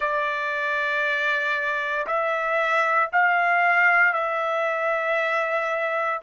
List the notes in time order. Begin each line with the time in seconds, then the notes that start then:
0.00 D5
2.06 E5
3.12 F5
4.13 E5